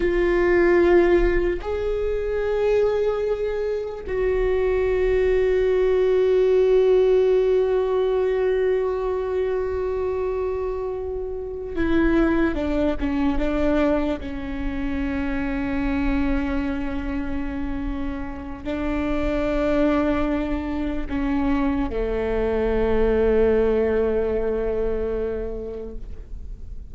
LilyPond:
\new Staff \with { instrumentName = "viola" } { \time 4/4 \tempo 4 = 74 f'2 gis'2~ | gis'4 fis'2.~ | fis'1~ | fis'2~ fis'8 e'4 d'8 |
cis'8 d'4 cis'2~ cis'8~ | cis'2. d'4~ | d'2 cis'4 a4~ | a1 | }